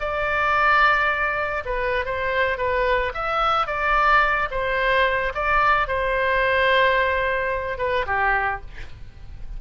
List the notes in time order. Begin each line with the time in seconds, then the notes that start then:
0.00 D5
1.65 B4
2.05 C5
2.58 B4
3.14 E5
3.67 D5
4.51 C5
5.35 D5
5.88 C5
7.78 B4
8.07 G4